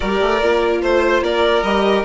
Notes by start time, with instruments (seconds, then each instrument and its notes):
0.00 bassoon G3, viola G4, violin A#4 D5
0.20 bassoon A3
0.42 bassoon A#3, viola F4
0.82 bassoon A3, violin C5
1.21 bassoon A#3, violin A#4 D5
1.62 bassoon G3, viola G4, violin D#5